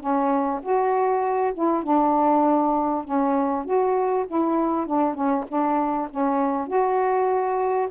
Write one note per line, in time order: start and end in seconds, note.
0.00 0.61 C#4
0.62 1.53 F#4
1.54 1.83 E4
1.83 3.04 D4
3.04 3.65 C#4
3.65 4.26 F#4
4.27 4.86 E4
4.86 5.14 D4
5.14 5.45 C#4
5.48 6.09 D4
6.10 6.67 C#4
6.67 7.88 F#4